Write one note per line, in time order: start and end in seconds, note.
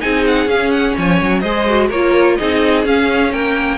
0.00 0.47 C4
0.00 0.47 D#4
0.00 0.96 G#4
0.00 0.25 G#5
0.27 0.49 F#5
0.47 0.94 C#4
0.47 1.44 C#4
0.47 0.72 F5
0.72 0.95 F#5
0.96 1.21 F3
0.96 1.41 C#5
0.96 1.40 G#5
1.22 1.43 F#3
1.40 1.90 G#3
1.40 1.68 G#4
1.40 1.88 C5
1.40 1.88 D#5
1.68 1.92 F#4
1.90 2.37 A#3
1.90 2.40 F4
1.90 2.37 A#4
1.90 2.37 C#5
2.37 2.86 C4
2.37 2.84 D#4
2.37 3.32 G#4
2.37 2.84 D#5
2.84 3.78 C#4
2.84 3.32 C#4
2.84 3.33 F5
3.32 3.78 A#3
3.32 3.78 A#4
3.32 3.78 G5